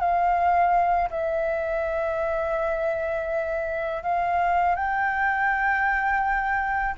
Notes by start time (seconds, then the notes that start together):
0.00 F5
1.11 E5
4.03 F5
4.76 G5